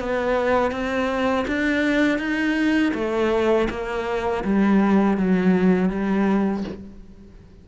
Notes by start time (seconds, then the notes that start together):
0.00 B3
0.72 C4
1.47 D4
2.19 D#4
2.95 A3
3.70 A#3
4.44 G3
5.18 F#3
5.90 G3